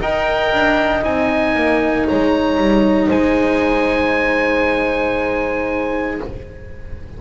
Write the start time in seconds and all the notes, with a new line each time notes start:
0.00 D#4 A#4 D#5 G5
0.53 D4
1.02 C4 D#4 G#5
1.55 A#3
2.07 G#3 C#5 A#5
2.57 G3
3.08 G#3 C5 G#5